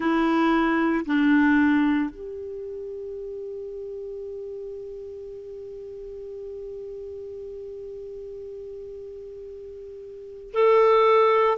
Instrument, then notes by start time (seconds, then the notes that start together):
clarinet
0.00 E4
1.05 D4
2.10 G4
10.53 A4